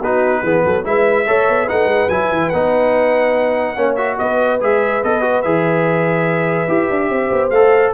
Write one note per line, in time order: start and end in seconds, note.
0.00 0.42 B3
0.00 0.45 D#4
0.00 0.42 F#4
0.00 0.85 B4
0.43 0.64 E3
0.43 0.84 B3
0.43 0.64 G#4
0.65 0.85 F#3
0.65 0.86 A4
0.84 1.27 G#3
0.84 1.25 E4
0.84 1.26 B4
0.84 1.69 E5
1.26 1.48 A3
1.26 1.68 A4
1.26 1.66 C#5
1.48 1.69 B3
1.66 1.85 A3
1.66 2.10 D#4
1.66 3.74 B4
1.66 2.09 F#5
1.85 2.06 G#3
2.09 2.30 F#3
2.09 2.52 E4
2.09 2.49 G#5
2.31 2.52 E3
2.49 3.76 B3
2.49 3.76 D#4
2.49 3.95 F#5
3.75 4.17 A#3
3.75 3.97 C#4
3.75 4.17 C#5
3.96 4.60 F#4
3.96 4.16 E5
4.18 4.61 B3
4.18 7.10 B4
4.18 4.60 D#5
4.61 5.03 G#3
4.61 5.02 G#4
4.61 5.03 E5
5.03 5.44 B3
5.03 5.21 A4
5.03 5.42 D#5
5.21 5.42 F#4
5.42 6.68 E3
5.42 6.68 G#4
5.42 7.50 E5
6.68 6.89 E4
6.68 7.51 G4
6.90 7.10 D4
7.10 7.30 C4
7.10 7.94 C5
7.31 7.50 B3
7.50 7.92 A3
7.50 7.94 A4
7.50 7.91 F5